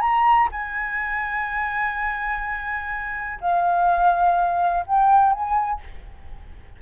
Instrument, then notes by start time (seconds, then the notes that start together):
flute
0.00 A#5
0.51 G#5
3.41 F5
4.86 G5
5.32 G#5